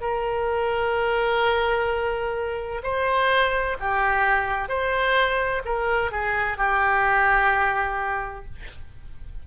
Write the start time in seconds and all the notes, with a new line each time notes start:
0.00 A#4
2.83 C5
3.80 G4
4.68 C5
5.65 A#4
6.11 G#4
6.57 G4